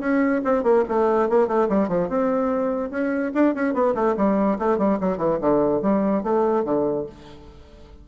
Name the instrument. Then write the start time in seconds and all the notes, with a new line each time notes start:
bassoon
0.00 C#4
0.44 C4
0.63 A#3
0.88 A3
1.29 A#3
1.48 A3
1.69 G3
1.88 F3
2.09 C4
2.90 C#4
3.34 D4
3.55 C#4
3.74 B3
3.95 A3
4.17 G3
4.59 A3
4.78 G3
5.00 F#3
5.18 E3
5.41 D3
5.82 G3
6.23 A3
6.64 D3